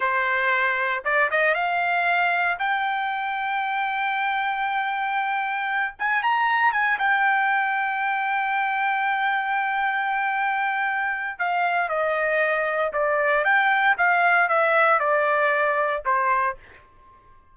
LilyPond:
\new Staff \with { instrumentName = "trumpet" } { \time 4/4 \tempo 4 = 116 c''2 d''8 dis''8 f''4~ | f''4 g''2.~ | g''2.~ g''8 gis''8 | ais''4 gis''8 g''2~ g''8~ |
g''1~ | g''2 f''4 dis''4~ | dis''4 d''4 g''4 f''4 | e''4 d''2 c''4 | }